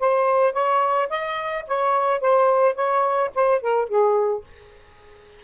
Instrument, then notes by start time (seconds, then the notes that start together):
saxophone
0.00 C5
0.53 C#5
1.09 D#5
1.68 C#5
2.21 C5
2.75 C#5
3.35 C5
3.61 A#4
3.89 G#4